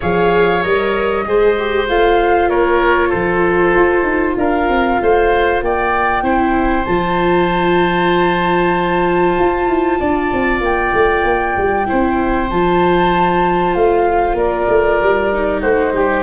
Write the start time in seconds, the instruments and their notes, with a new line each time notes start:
0.00 tuba F3, viola G#4, oboe C#5, flute F5
0.62 tuba G3, viola A#4, flute D#5
1.25 tuba G#3, viola G#4, oboe C5
1.58 viola G4
1.88 tuba A3, viola F4, flute F5
2.49 tuba A#3, oboe A#4, flute C#5
3.08 tuba F3, oboe A4, flute C5
3.75 tuba F4
4.03 tuba D#4
4.37 tuba D4, oboe A#4, flute F5
4.68 tuba C4
5.01 tuba A3, oboe C5
5.61 tuba A#3, oboe D5, flute G5
6.22 tuba C4, viola E4, oboe C5
6.85 tuba F3, viola F4, flute A5
9.39 tuba F4
9.67 tuba E4
9.99 tuba D4, oboe D5
10.32 tuba C4
10.61 tuba A#3, flute G5
10.93 tuba A3
11.24 tuba A#3
11.56 tuba G3
11.85 tuba C4, viola E4, oboe C5
12.49 tuba F3, viola F4, flute A5
13.73 tuba A3, flute F5
14.33 tuba A#3, oboe A#4, flute D5
14.68 tuba A3
15.01 tuba G3
15.32 viola D#4
15.60 tuba A3, oboe F#4, flute C5
15.92 tuba G3, oboe G4